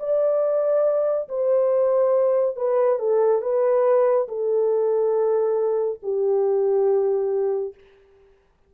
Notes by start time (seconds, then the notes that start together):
0.00 D5
1.29 C5
2.57 B4
2.99 A4
3.42 B4
4.29 A4
6.03 G4